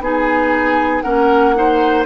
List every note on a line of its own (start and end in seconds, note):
0.00 1.02 B3
0.00 1.04 D#4
0.00 1.04 G#4
0.00 1.02 G#5
1.02 2.06 A#3
1.02 1.55 C#4
1.02 1.54 A#4
1.02 2.04 F#5
1.55 2.06 D#4
1.55 2.06 C5